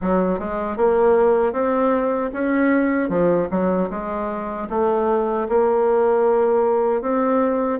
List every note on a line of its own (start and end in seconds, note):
0.01 0.39 F#3
0.39 0.76 G#3
0.76 1.53 A#3
1.53 2.31 C4
2.33 3.09 C#4
3.09 3.47 F3
3.50 3.89 F#3
3.90 4.68 G#3
4.69 5.47 A3
5.48 7.01 A#3
7.01 7.79 C4